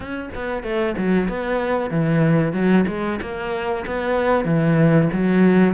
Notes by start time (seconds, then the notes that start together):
0.00 C#4
0.35 B3
0.63 A3
0.97 F#3
1.28 B3
1.90 E3
2.52 F#3
2.87 G#3
3.21 A#3
3.86 B3
4.44 E3
5.12 F#3